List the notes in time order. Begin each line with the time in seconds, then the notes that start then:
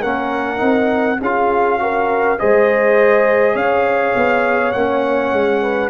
0.00 A#3 C#4 A#4 F#5
0.58 C4 D#4
1.20 C#4 F4 G#4 F5
1.79 F#4 A#4
2.38 G#3 G#4 C5 D#5
3.55 C#4 C#5 F5
4.15 B3
4.72 A#3 C#4 F#5
5.33 G#3
5.63 B4